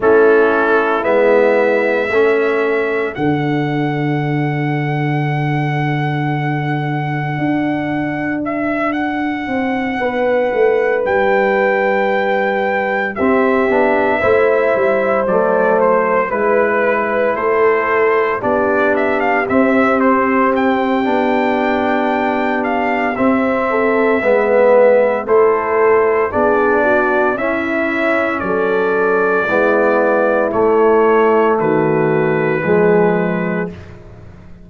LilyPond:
<<
  \new Staff \with { instrumentName = "trumpet" } { \time 4/4 \tempo 4 = 57 a'4 e''2 fis''4~ | fis''1 | e''8 fis''2 g''4.~ | g''8 e''2 d''8 c''8 b'8~ |
b'8 c''4 d''8 e''16 f''16 e''8 c''8 g''8~ | g''4. f''8 e''2 | c''4 d''4 e''4 d''4~ | d''4 cis''4 b'2 | }
  \new Staff \with { instrumentName = "horn" } { \time 4/4 e'2 a'2~ | a'1~ | a'4. b'2~ b'8~ | b'8 g'4 c''2 b'8~ |
b'8 a'4 g'2~ g'8~ | g'2~ g'8 a'8 b'4 | a'4 gis'8 fis'8 e'4 a'4 | e'2 fis'4 gis'4 | }
  \new Staff \with { instrumentName = "trombone" } { \time 4/4 cis'4 b4 cis'4 d'4~ | d'1~ | d'1~ | d'8 c'8 d'8 e'4 a4 e'8~ |
e'4. d'4 c'4. | d'2 c'4 b4 | e'4 d'4 cis'2 | b4 a2 gis4 | }
  \new Staff \with { instrumentName = "tuba" } { \time 4/4 a4 gis4 a4 d4~ | d2. d'4~ | d'4 c'8 b8 a8 g4.~ | g8 c'8 b8 a8 g8 fis4 gis8~ |
gis8 a4 b4 c'4. | b2 c'4 gis4 | a4 b4 cis'4 fis4 | gis4 a4 dis4 f4 | }
>>